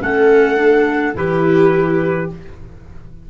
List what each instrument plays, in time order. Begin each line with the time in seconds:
0.00 tuba A3, clarinet C#4, viola A4, trumpet F#5
0.57 clarinet D4
1.14 tuba E3, clarinet E4, viola G4, trumpet B4